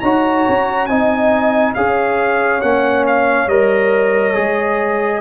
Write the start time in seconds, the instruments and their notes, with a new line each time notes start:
0.00 tuba D#4, trombone F#4, horn C#5, trumpet A#5
0.49 tuba C#4
0.86 tuba C4, trombone D#4, horn D#5, trumpet G#5
1.74 tuba C#4, trombone G#4, horn C#5, trumpet F5
2.61 tuba A#3, trombone C#4, trumpet F#5
3.07 trumpet F5
3.47 tuba G3, trombone A#4, trumpet D#5
4.34 tuba G#3, trombone G#4